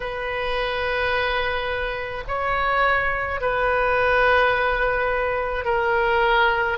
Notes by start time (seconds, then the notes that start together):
0.00 B4
2.27 C#5
3.40 B4
5.64 A#4